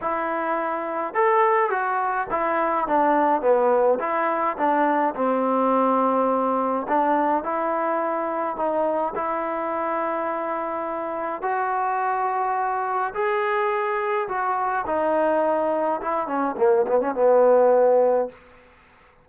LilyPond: \new Staff \with { instrumentName = "trombone" } { \time 4/4 \tempo 4 = 105 e'2 a'4 fis'4 | e'4 d'4 b4 e'4 | d'4 c'2. | d'4 e'2 dis'4 |
e'1 | fis'2. gis'4~ | gis'4 fis'4 dis'2 | e'8 cis'8 ais8 b16 cis'16 b2 | }